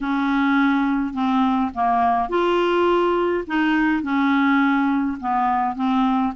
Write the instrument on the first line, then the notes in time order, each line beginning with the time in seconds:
clarinet
0.00 C#4
1.13 C4
1.74 A#3
2.29 F4
3.47 D#4
4.02 C#4
5.20 B3
5.75 C4